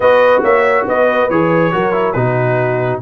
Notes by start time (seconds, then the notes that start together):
0.00 B3 F#4 B4 D#5
0.42 A#3 C#5 E5
0.87 B3 B4 D#5
1.29 E3 G#4 C#5
1.72 F#3 F#4 A#4
1.92 E4
2.12 B2 D#4 F#4 B4